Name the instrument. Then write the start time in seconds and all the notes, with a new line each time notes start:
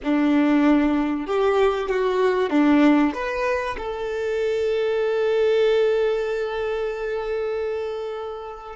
violin
0.03 D4
1.26 G4
1.89 F#4
2.50 D4
3.14 B4
3.77 A4